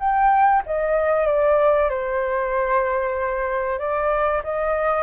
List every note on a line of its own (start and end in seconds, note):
0.00 0.63 G5
0.67 1.27 D#5
1.27 1.90 D5
1.90 3.79 C5
3.79 4.42 D5
4.44 5.03 D#5